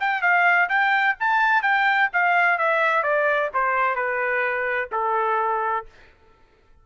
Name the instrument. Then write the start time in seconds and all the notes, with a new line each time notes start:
trumpet
0.00 G5
0.22 F5
0.69 G5
1.20 A5
1.62 G5
2.13 F5
2.58 E5
3.03 D5
3.53 C5
3.95 B4
4.92 A4